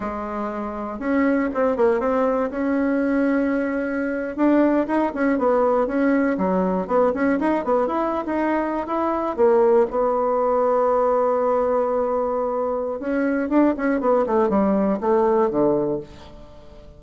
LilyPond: \new Staff \with { instrumentName = "bassoon" } { \time 4/4 \tempo 4 = 120 gis2 cis'4 c'8 ais8 | c'4 cis'2.~ | cis'8. d'4 dis'8 cis'8 b4 cis'16~ | cis'8. fis4 b8 cis'8 dis'8 b8 e'16~ |
e'8 dis'4~ dis'16 e'4 ais4 b16~ | b1~ | b2 cis'4 d'8 cis'8 | b8 a8 g4 a4 d4 | }